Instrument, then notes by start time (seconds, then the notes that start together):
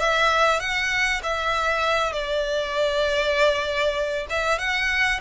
violin
0.00 E5
0.60 F#5
1.23 E5
2.13 D5
4.30 E5
4.59 F#5